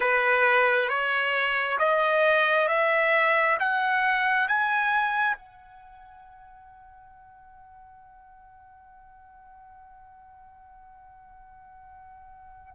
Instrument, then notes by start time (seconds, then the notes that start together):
trumpet
0.00 B4
0.88 C#5
1.79 D#5
2.67 E5
3.59 F#5
4.48 G#5
5.36 F#5